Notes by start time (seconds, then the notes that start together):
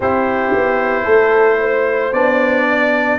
0.00 C4 E4 G4 C5
0.53 B3
1.03 A3 A4
1.60 C5
2.12 B3 D4 D5
2.69 D5